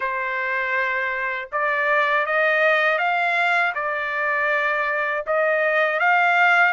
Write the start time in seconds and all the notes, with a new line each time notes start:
0.00 C5
1.51 D5
2.26 D#5
2.98 F5
3.74 D5
5.26 D#5
5.99 F5